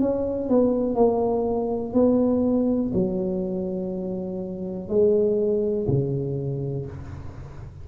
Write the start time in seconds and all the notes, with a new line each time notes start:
0.00 C#4
0.49 B3
0.95 A#3
1.93 B3
2.93 F#3
4.88 G#3
5.87 C#3